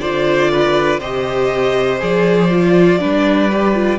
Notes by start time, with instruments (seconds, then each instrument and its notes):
0.00 cello D3, viola F4, violin C5 D5
0.51 violin B4
1.00 cello C3, viola G4, violin C5 D#5
1.99 cello F3, viola G#4, violin D5
2.51 viola F4
2.99 cello G3, viola D4, violin B4
3.52 viola G4
3.74 viola F4